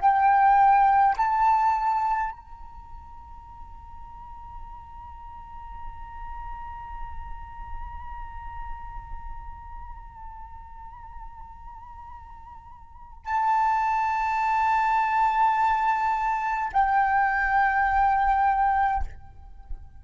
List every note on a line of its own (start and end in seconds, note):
0.00 1.15 G5
1.17 2.32 A5
2.32 13.25 A#5
13.25 16.72 A5
16.73 19.04 G5